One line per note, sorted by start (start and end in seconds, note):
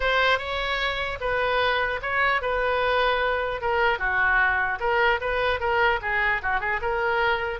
0.00 0.38 C5
0.38 1.18 C#5
1.20 2.00 B4
2.02 2.41 C#5
2.41 3.61 B4
3.61 3.98 A#4
3.98 4.78 F#4
4.80 5.20 A#4
5.21 5.60 B4
5.60 6.00 A#4
6.01 6.41 G#4
6.42 6.60 F#4
6.60 6.80 G#4
6.81 7.59 A#4